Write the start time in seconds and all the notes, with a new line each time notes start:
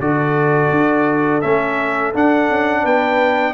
0.00 D3 F#4 A4 D5
0.71 D4
1.42 A3 C#4 E5
2.14 D4 F#5
2.50 C#4
2.83 B3 B4 G5